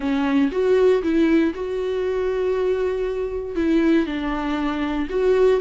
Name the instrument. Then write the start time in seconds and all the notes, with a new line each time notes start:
viola
0.00 C#4
0.51 F#4
1.02 E4
1.54 F#4
3.55 E4
4.06 D4
5.09 F#4